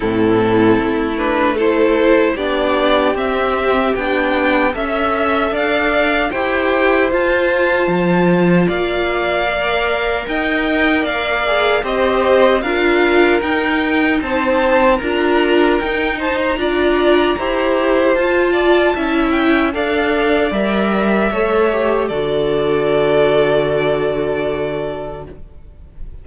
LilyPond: <<
  \new Staff \with { instrumentName = "violin" } { \time 4/4 \tempo 4 = 76 a'4. b'8 c''4 d''4 | e''4 g''4 e''4 f''4 | g''4 a''2 f''4~ | f''4 g''4 f''4 dis''4 |
f''4 g''4 a''4 ais''4 | g''8 a''16 ais''2~ ais''16 a''4~ | a''8 g''8 f''4 e''2 | d''1 | }
  \new Staff \with { instrumentName = "violin" } { \time 4/4 e'2 a'4 g'4~ | g'2 e''4 d''4 | c''2. d''4~ | d''4 dis''4 d''4 c''4 |
ais'2 c''4 ais'4~ | ais'8 c''8 d''4 c''4. d''8 | e''4 d''2 cis''4 | a'1 | }
  \new Staff \with { instrumentName = "viola" } { \time 4/4 c'4. d'8 e'4 d'4 | c'4 d'4 a'2 | g'4 f'2. | ais'2~ ais'8 gis'8 g'4 |
f'4 dis'2 f'4 | dis'4 f'4 g'4 f'4 | e'4 a'4 ais'4 a'8 g'8 | fis'1 | }
  \new Staff \with { instrumentName = "cello" } { \time 4/4 a,4 a2 b4 | c'4 b4 cis'4 d'4 | e'4 f'4 f4 ais4~ | ais4 dis'4 ais4 c'4 |
d'4 dis'4 c'4 d'4 | dis'4 d'4 e'4 f'4 | cis'4 d'4 g4 a4 | d1 | }
>>